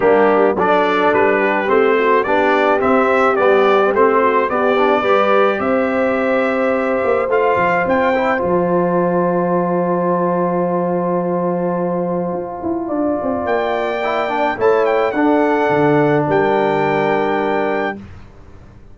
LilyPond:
<<
  \new Staff \with { instrumentName = "trumpet" } { \time 4/4 \tempo 4 = 107 g'4 d''4 b'4 c''4 | d''4 e''4 d''4 c''4 | d''2 e''2~ | e''4 f''4 g''4 a''4~ |
a''1~ | a''1 | g''2 a''8 g''8 fis''4~ | fis''4 g''2. | }
  \new Staff \with { instrumentName = "horn" } { \time 4/4 d'4 a'4. g'4 fis'8 | g'2.~ g'8 fis'8 | g'4 b'4 c''2~ | c''1~ |
c''1~ | c''2. d''4~ | d''2 cis''4 a'4~ | a'4 ais'2. | }
  \new Staff \with { instrumentName = "trombone" } { \time 4/4 ais4 d'2 c'4 | d'4 c'4 b4 c'4 | b8 d'8 g'2.~ | g'4 f'4. e'8 f'4~ |
f'1~ | f'1~ | f'4 e'8 d'8 e'4 d'4~ | d'1 | }
  \new Staff \with { instrumentName = "tuba" } { \time 4/4 g4 fis4 g4 a4 | b4 c'4 g4 a4 | b4 g4 c'2~ | c'8 ais8 a8 f8 c'4 f4~ |
f1~ | f2 f'8 e'8 d'8 c'8 | ais2 a4 d'4 | d4 g2. | }
>>